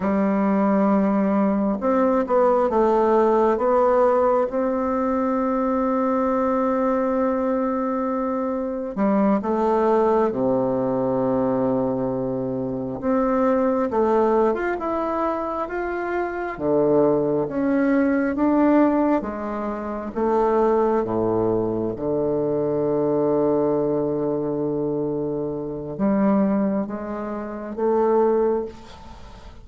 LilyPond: \new Staff \with { instrumentName = "bassoon" } { \time 4/4 \tempo 4 = 67 g2 c'8 b8 a4 | b4 c'2.~ | c'2 g8 a4 c8~ | c2~ c8 c'4 a8~ |
a16 f'16 e'4 f'4 d4 cis'8~ | cis'8 d'4 gis4 a4 a,8~ | a,8 d2.~ d8~ | d4 g4 gis4 a4 | }